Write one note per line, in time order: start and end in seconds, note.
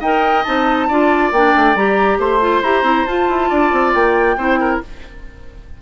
0.00 0.44 D#4
0.00 0.45 A#4
0.00 0.87 D#5
0.00 0.44 G5
0.44 0.90 C4
0.44 0.88 D#4
0.44 1.31 A5
0.88 1.32 D4
0.88 1.34 F4
0.88 2.19 D5
1.32 1.53 A#3
1.32 1.76 D4
1.32 1.76 G5
1.56 1.75 A3
1.75 2.18 G3
1.75 2.41 G4
1.75 2.19 A#5
2.18 2.62 A3
2.18 3.49 C5
2.18 2.63 C6
2.41 2.62 F4
2.62 2.83 E4
2.62 2.84 G4
2.62 3.06 A#5
2.83 3.04 C4
2.83 3.06 E4
3.06 3.29 F4
3.06 4.38 F4
3.06 3.93 A5
3.29 3.50 E4
3.49 3.72 D4
3.49 4.36 D5
3.72 3.94 C4
3.94 4.37 A#3
3.94 4.81 G5
4.37 4.80 C4
4.37 4.82 E4
4.37 4.59 C5
4.60 4.82 A#4